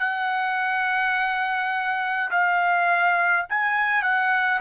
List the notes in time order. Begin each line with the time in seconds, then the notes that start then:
0.00 F#5
2.31 F5
3.50 G#5
4.03 F#5